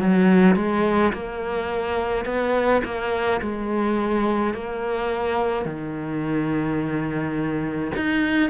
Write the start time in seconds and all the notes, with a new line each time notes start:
0.00 F#3
0.56 G#3
1.13 A#3
2.25 B3
2.84 A#3
3.41 G#3
4.54 A#3
5.66 D#3
7.96 D#4